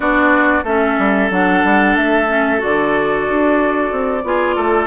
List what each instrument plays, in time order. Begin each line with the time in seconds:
0.00 bassoon B3, clarinet D4, oboe F#4, flute D5
0.63 bassoon A3, clarinet C#4, oboe A4, flute E5
0.98 bassoon G3
1.30 bassoon F#3, clarinet D4, flute F#5
1.64 bassoon G3
1.96 bassoon A3, flute E5
2.28 clarinet C#4
2.58 bassoon D3, clarinet F#4, flute D5
3.28 bassoon D4
3.91 bassoon C4
4.23 bassoon B3, clarinet F4, oboe G#4
4.55 bassoon A3, oboe A4